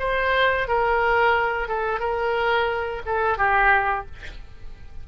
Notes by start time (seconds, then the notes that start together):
0.00 C5
0.68 A#4
1.68 A4
2.00 A#4
3.06 A4
3.38 G4